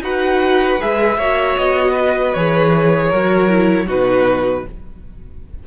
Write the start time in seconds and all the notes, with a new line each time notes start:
0.00 D#4 F#4 B4 F#5
0.80 G#3 G#4 E5
1.17 A#3 F#4 C#5
1.57 B3 D#5
1.91 B4
2.34 E3 G#4 C#5
3.09 F#3 F#4 A#4
3.48 E4
3.86 B2 D#4 F#4 B4